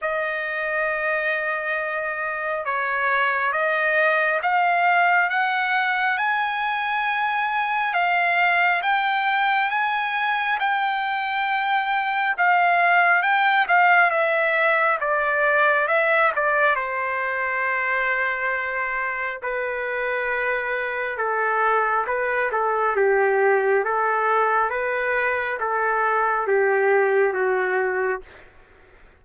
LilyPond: \new Staff \with { instrumentName = "trumpet" } { \time 4/4 \tempo 4 = 68 dis''2. cis''4 | dis''4 f''4 fis''4 gis''4~ | gis''4 f''4 g''4 gis''4 | g''2 f''4 g''8 f''8 |
e''4 d''4 e''8 d''8 c''4~ | c''2 b'2 | a'4 b'8 a'8 g'4 a'4 | b'4 a'4 g'4 fis'4 | }